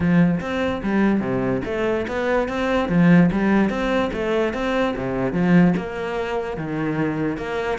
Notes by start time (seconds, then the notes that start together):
0.00 F3
0.40 C4
0.82 G3
1.20 C3
1.65 A3
2.07 B3
2.48 C4
2.88 F3
3.31 G3
3.69 C4
4.12 A3
4.53 C4
4.97 C3
5.32 F3
5.76 A#3
6.57 D#3
7.37 A#3